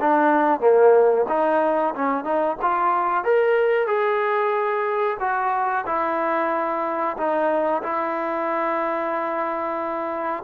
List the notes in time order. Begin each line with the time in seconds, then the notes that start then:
0.00 D4
0.60 A#3
1.29 D#4
1.95 C#4
2.24 D#4
2.61 F4
3.24 A#4
3.87 G#4
5.20 F#4
5.86 E4
7.17 D#4
7.83 E4